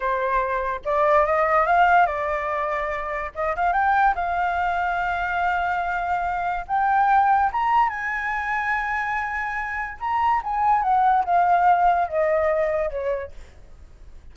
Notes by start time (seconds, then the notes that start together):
0.00 C5
0.84 D5
1.25 D#5
1.66 F5
2.06 D5
3.34 D#5
3.55 F5
3.72 G5
4.15 F5
6.67 G5
7.52 A#5
7.89 G#5
9.99 A#5
10.43 G#5
10.82 F#5
11.24 F5
12.08 D#5
12.90 C#5